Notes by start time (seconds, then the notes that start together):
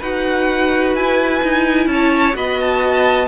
0.00 D#4 F#4 B4 F#5
0.96 E4 G#5
1.43 D#4 E4
1.87 C#4 C#5 A5
2.34 B3 F#4 D#5 B5
2.61 A5